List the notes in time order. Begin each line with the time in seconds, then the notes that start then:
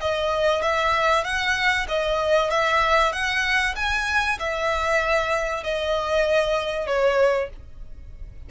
0.00 D#5
0.62 E5
1.24 F#5
1.88 D#5
2.50 E5
3.12 F#5
3.75 G#5
4.39 E5
5.63 D#5
6.87 C#5